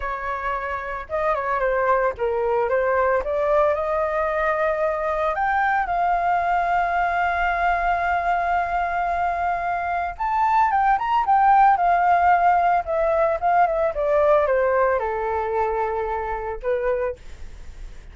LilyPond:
\new Staff \with { instrumentName = "flute" } { \time 4/4 \tempo 4 = 112 cis''2 dis''8 cis''8 c''4 | ais'4 c''4 d''4 dis''4~ | dis''2 g''4 f''4~ | f''1~ |
f''2. a''4 | g''8 ais''8 g''4 f''2 | e''4 f''8 e''8 d''4 c''4 | a'2. b'4 | }